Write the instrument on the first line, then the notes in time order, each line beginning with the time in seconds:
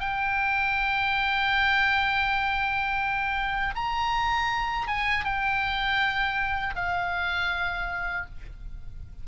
oboe
0.00 G5
3.75 A#5
4.88 G#5
5.25 G5
6.76 F5